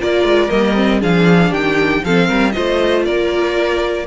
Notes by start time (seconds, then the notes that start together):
0.00 A#3 F4 A#4 D5
0.24 G#3
0.50 G3 A#3 D#5
0.75 C4
1.01 F3 D4 G#4 F5
1.51 D#3 G4 G5
2.05 F3 C4 A4 F5
2.28 G3 A#4
2.52 A3 F4 C5 D#5
3.06 A#3 A#4 D5